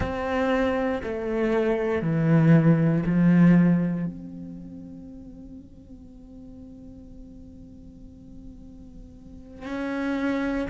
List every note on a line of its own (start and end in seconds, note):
0.00 1.01 C4
1.03 2.02 A3
2.02 3.03 E3
3.06 4.06 F3
4.06 9.65 C4
9.65 10.67 C#4